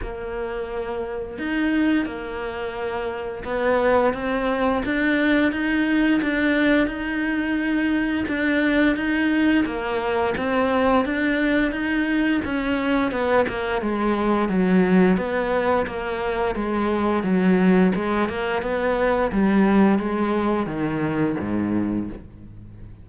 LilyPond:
\new Staff \with { instrumentName = "cello" } { \time 4/4 \tempo 4 = 87 ais2 dis'4 ais4~ | ais4 b4 c'4 d'4 | dis'4 d'4 dis'2 | d'4 dis'4 ais4 c'4 |
d'4 dis'4 cis'4 b8 ais8 | gis4 fis4 b4 ais4 | gis4 fis4 gis8 ais8 b4 | g4 gis4 dis4 gis,4 | }